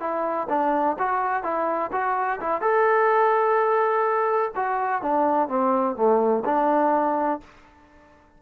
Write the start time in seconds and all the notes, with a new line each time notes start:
0.00 E4
0.49 D4
0.98 F#4
1.43 E4
1.92 F#4
2.40 E4
2.61 A4
4.56 F#4
5.02 D4
5.48 C4
5.96 A3
6.45 D4